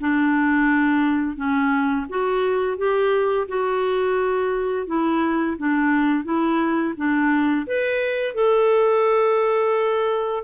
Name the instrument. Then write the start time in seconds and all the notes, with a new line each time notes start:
clarinet
0.00 D4
1.36 C#4
2.09 F#4
2.77 G4
3.48 F#4
4.86 E4
5.57 D4
6.24 E4
6.96 D4
7.66 B4
8.34 A4